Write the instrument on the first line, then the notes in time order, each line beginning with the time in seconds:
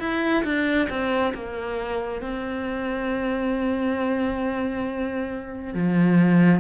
cello
0.00 E4
0.45 D4
0.89 C4
1.35 A#3
2.22 C4
5.75 F3